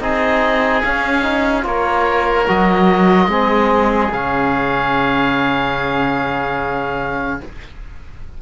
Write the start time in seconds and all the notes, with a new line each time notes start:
0.00 C4 D#4 G#4 D#5
0.83 C#4 F5
1.23 D#4
1.62 A#3 F4 A#4 C#5
2.47 F#3 F#4 D#5
3.27 G#3 C4 G#4
4.11 C#3 C#4 F5